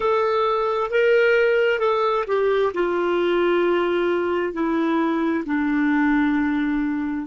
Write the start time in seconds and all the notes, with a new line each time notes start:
0.00 A4
0.90 A#4
1.79 A4
2.27 G4
2.74 F4
4.53 E4
5.45 D4